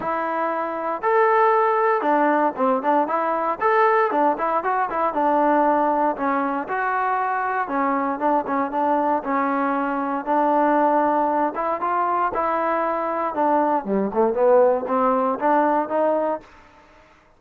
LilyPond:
\new Staff \with { instrumentName = "trombone" } { \time 4/4 \tempo 4 = 117 e'2 a'2 | d'4 c'8 d'8 e'4 a'4 | d'8 e'8 fis'8 e'8 d'2 | cis'4 fis'2 cis'4 |
d'8 cis'8 d'4 cis'2 | d'2~ d'8 e'8 f'4 | e'2 d'4 g8 a8 | b4 c'4 d'4 dis'4 | }